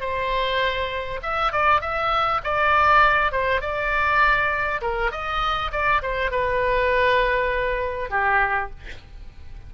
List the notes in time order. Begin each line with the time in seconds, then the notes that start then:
0.00 C5
1.22 E5
1.52 D5
1.81 E5
2.43 D5
3.31 C5
3.61 D5
4.81 A#4
5.11 D#5
5.71 D5
6.02 C5
6.31 B4
8.10 G4